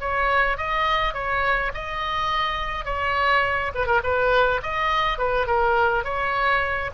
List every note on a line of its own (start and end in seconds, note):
0.00 0.57 C#5
0.57 1.14 D#5
1.14 1.72 C#5
1.74 2.85 D#5
2.85 3.72 C#5
3.74 3.87 B4
3.87 4.01 A#4
4.03 4.61 B4
4.63 5.18 D#5
5.18 5.47 B4
5.47 6.04 A#4
6.04 6.91 C#5